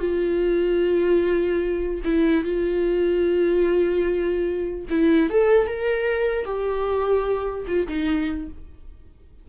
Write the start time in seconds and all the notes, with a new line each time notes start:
0.00 F4
2.05 E4
2.45 F4
4.90 E4
5.30 A4
5.68 A#4
6.45 G4
7.67 F4
7.88 D#4